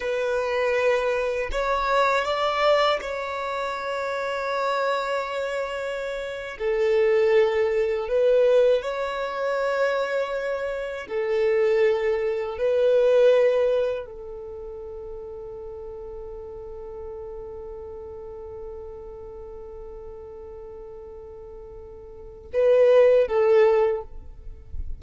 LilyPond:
\new Staff \with { instrumentName = "violin" } { \time 4/4 \tempo 4 = 80 b'2 cis''4 d''4 | cis''1~ | cis''8. a'2 b'4 cis''16~ | cis''2~ cis''8. a'4~ a'16~ |
a'8. b'2 a'4~ a'16~ | a'1~ | a'1~ | a'2 b'4 a'4 | }